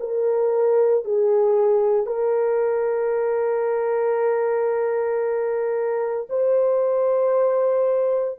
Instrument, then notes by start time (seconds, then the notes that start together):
horn
0.00 A#4
1.05 G#4
2.07 A#4
6.30 C5